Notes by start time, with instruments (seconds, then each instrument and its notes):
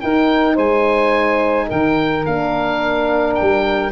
0.00 horn D#4, tuba D#4, saxophone A#4, oboe G5
0.54 tuba G#3, saxophone C5, oboe G#5
1.67 tuba D#3, saxophone A#4, oboe G5
2.25 tuba A#3, horn D4, oboe F5
3.34 oboe G5
3.41 tuba G3